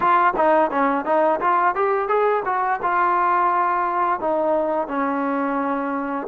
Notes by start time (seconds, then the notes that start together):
0.00 F4
0.36 D#4
0.70 C#4
1.05 D#4
1.40 F4
1.75 G4
2.08 G#4
2.45 F#4
2.82 F4
4.20 D#4
4.87 C#4